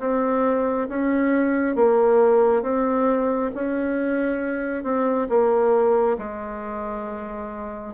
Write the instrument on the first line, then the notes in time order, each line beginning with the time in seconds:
bassoon
0.00 C4
0.89 C#4
1.76 A#3
2.63 C4
3.55 C#4
4.84 C4
5.29 A#3
6.18 G#3